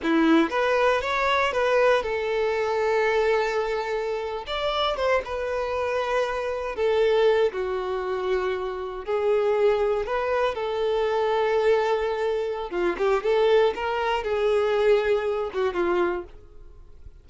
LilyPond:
\new Staff \with { instrumentName = "violin" } { \time 4/4 \tempo 4 = 118 e'4 b'4 cis''4 b'4 | a'1~ | a'8. d''4 c''8 b'4.~ b'16~ | b'4~ b'16 a'4. fis'4~ fis'16~ |
fis'4.~ fis'16 gis'2 b'16~ | b'8. a'2.~ a'16~ | a'4 f'8 g'8 a'4 ais'4 | gis'2~ gis'8 fis'8 f'4 | }